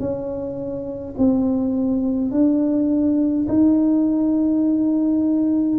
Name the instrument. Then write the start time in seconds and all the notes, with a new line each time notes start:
tuba
0.00 C#4
1.18 C4
2.32 D4
3.49 D#4